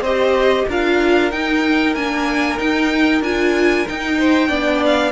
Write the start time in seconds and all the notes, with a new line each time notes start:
0.00 C4 G4 C5 D#5
0.68 D4 F4 A#4 F5
1.31 D#4 G5
1.94 A#3 D4 G#5
2.58 D#4 G5
3.21 D4 F4 G#5
3.87 D#4 G5
4.18 C5
4.47 B3 D4 D5
4.86 F5